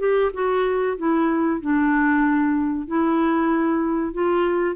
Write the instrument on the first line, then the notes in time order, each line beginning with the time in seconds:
clarinet
0.00 G4
0.34 F#4
0.98 E4
1.61 D4
2.88 E4
4.14 F4